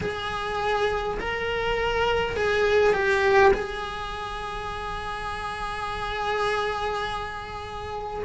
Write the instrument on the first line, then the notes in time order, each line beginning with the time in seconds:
cello
0.01 G#4
1.19 A#4
2.36 G#4
2.93 G4
3.53 G#4